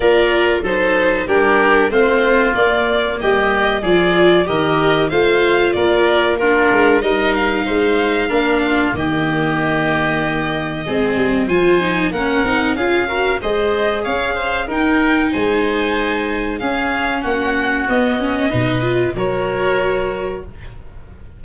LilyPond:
<<
  \new Staff \with { instrumentName = "violin" } { \time 4/4 \tempo 4 = 94 d''4 c''4 ais'4 c''4 | d''4 dis''4 d''4 dis''4 | f''4 d''4 ais'4 dis''8 f''8~ | f''2 dis''2~ |
dis''2 gis''4 fis''4 | f''4 dis''4 f''4 g''4 | gis''2 f''4 fis''4 | dis''2 cis''2 | }
  \new Staff \with { instrumentName = "oboe" } { \time 4/4 ais'4 a'4 g'4 f'4~ | f'4 g'4 gis'4 ais'4 | c''4 ais'4 f'4 ais'4 | c''4 ais'8 f'8 g'2~ |
g'4 gis'4 c''4 ais'4 | gis'8 ais'8 c''4 cis''8 c''8 ais'4 | c''2 gis'4 fis'4~ | fis'4 b'4 ais'2 | }
  \new Staff \with { instrumentName = "viola" } { \time 4/4 f'4 dis'4 d'4 c'4 | ais2 f'4 g'4 | f'2 d'4 dis'4~ | dis'4 d'4 ais2~ |
ais4 c'4 f'8 dis'8 cis'8 dis'8 | f'8 fis'8 gis'2 dis'4~ | dis'2 cis'2 | b8 cis'8 dis'8 f'8 fis'2 | }
  \new Staff \with { instrumentName = "tuba" } { \time 4/4 ais4 fis4 g4 a4 | ais4 g4 f4 dis4 | a4 ais4. gis8 g4 | gis4 ais4 dis2~ |
dis4 gis8 g8 f4 ais8 c'8 | cis'4 gis4 cis'4 dis'4 | gis2 cis'4 ais4 | b4 b,4 fis2 | }
>>